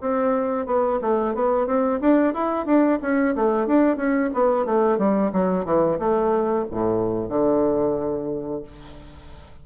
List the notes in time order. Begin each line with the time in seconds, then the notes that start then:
0.00 C4
0.66 B3
1.01 A3
1.34 B3
1.66 C4
2.00 D4
2.33 E4
2.65 D4
3.02 C#4
3.35 A3
3.66 D4
3.96 C#4
4.33 B3
4.65 A3
4.98 G3
5.32 F#3
5.65 E3
5.98 A3
6.70 A2
7.29 D3